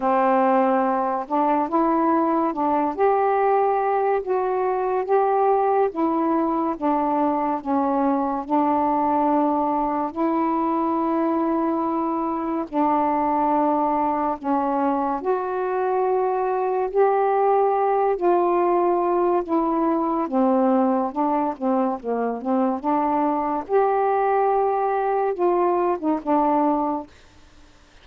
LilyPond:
\new Staff \with { instrumentName = "saxophone" } { \time 4/4 \tempo 4 = 71 c'4. d'8 e'4 d'8 g'8~ | g'4 fis'4 g'4 e'4 | d'4 cis'4 d'2 | e'2. d'4~ |
d'4 cis'4 fis'2 | g'4. f'4. e'4 | c'4 d'8 c'8 ais8 c'8 d'4 | g'2 f'8. dis'16 d'4 | }